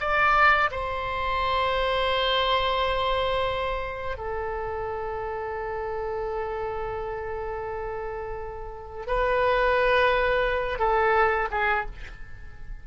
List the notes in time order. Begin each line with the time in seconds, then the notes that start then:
0.00 D5
0.71 C5
4.17 A4
9.07 B4
10.79 A4
11.51 G#4